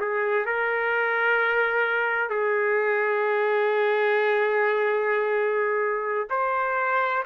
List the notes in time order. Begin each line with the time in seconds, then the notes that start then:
0.00 G#4
0.46 A#4
2.30 G#4
6.30 C5